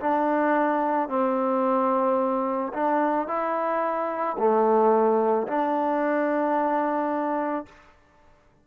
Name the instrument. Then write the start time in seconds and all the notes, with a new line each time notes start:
trombone
0.00 D4
1.09 C4
2.73 D4
3.27 E4
4.38 A3
5.47 D4